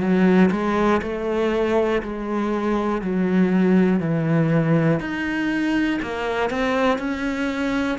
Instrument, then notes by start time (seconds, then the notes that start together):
cello
0.00 F#3
0.51 G#3
1.02 A3
2.03 G#3
3.01 F#3
4.00 E3
5.00 D#4
6.02 A#3
6.50 C4
6.99 C#4